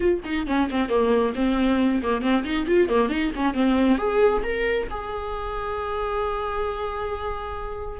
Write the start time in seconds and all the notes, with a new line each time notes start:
0.00 F4
0.24 D#4
0.46 C#4
0.70 C4
0.89 A#3
1.35 C4
2.02 A#3
2.21 C4
2.43 D#4
2.66 F4
2.88 A#3
3.09 D#4
3.35 C#4
3.53 C4
3.98 G#4
4.43 A#4
4.90 G#4